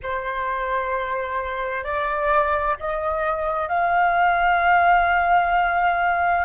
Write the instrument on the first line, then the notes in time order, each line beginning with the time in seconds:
flute
0.03 C5
1.84 D5
2.79 D#5
3.68 F5